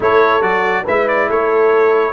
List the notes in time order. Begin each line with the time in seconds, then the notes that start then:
0.00 A3 E4 A4 C#5
0.41 F#3 F#4 D5
0.83 G#3 E4 B4 E5
1.08 D5
1.28 A3 A4 C#5